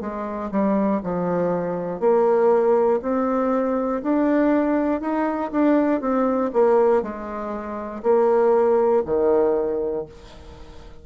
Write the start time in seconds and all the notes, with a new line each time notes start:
0.00 G#3
0.51 G3
1.03 F3
2.00 A#3
3.02 C4
4.02 D4
5.00 D#4
5.51 D4
6.01 C4
6.53 A#3
7.02 G#3
8.03 A#3
9.05 D#3